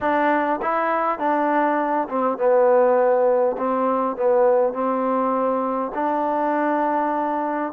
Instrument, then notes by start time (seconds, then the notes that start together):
trombone
0.00 D4
0.62 E4
1.18 D4
2.08 C4
2.37 B3
3.57 C4
4.16 B3
4.73 C4
5.94 D4